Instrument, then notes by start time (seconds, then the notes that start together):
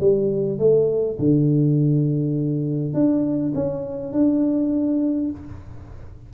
tuba
0.00 G3
0.59 A3
1.19 D3
2.93 D4
3.54 C#4
4.12 D4